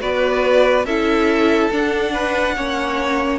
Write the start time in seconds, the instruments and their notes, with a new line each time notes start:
0.00 cello B3, viola F#4, violin B4 D5
0.85 cello C#4, viola E4, violin A4 E5
1.71 viola D4, cello D4, violin F#5
2.13 violin B4
2.56 cello A#3, viola C#4, violin C#5